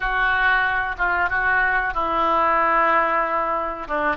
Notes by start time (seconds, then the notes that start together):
0.00 F#4
0.98 F4
1.29 F#4
1.94 E4
3.87 D4